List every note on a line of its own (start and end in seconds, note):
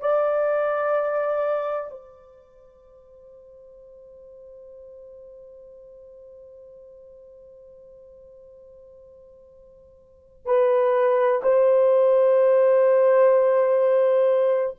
0.00 1.90 D5
1.90 10.45 C5
10.45 11.41 B4
11.42 14.76 C5